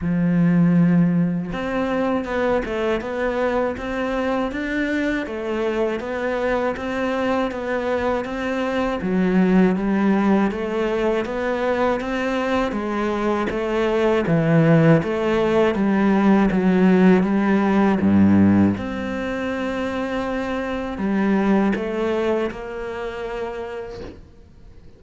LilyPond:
\new Staff \with { instrumentName = "cello" } { \time 4/4 \tempo 4 = 80 f2 c'4 b8 a8 | b4 c'4 d'4 a4 | b4 c'4 b4 c'4 | fis4 g4 a4 b4 |
c'4 gis4 a4 e4 | a4 g4 fis4 g4 | g,4 c'2. | g4 a4 ais2 | }